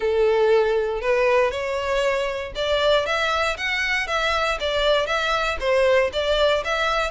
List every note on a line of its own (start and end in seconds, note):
0.00 1.01 A4
1.01 1.51 B4
1.51 2.53 C#5
2.55 3.05 D5
3.05 3.56 E5
3.57 4.07 F#5
4.07 4.58 E5
4.59 5.06 D5
5.06 5.57 E5
5.60 6.10 C5
6.12 6.63 D5
6.64 7.11 E5